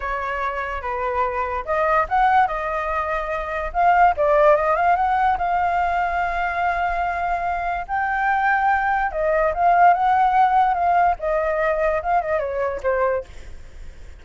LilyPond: \new Staff \with { instrumentName = "flute" } { \time 4/4 \tempo 4 = 145 cis''2 b'2 | dis''4 fis''4 dis''2~ | dis''4 f''4 d''4 dis''8 f''8 | fis''4 f''2.~ |
f''2. g''4~ | g''2 dis''4 f''4 | fis''2 f''4 dis''4~ | dis''4 f''8 dis''8 cis''4 c''4 | }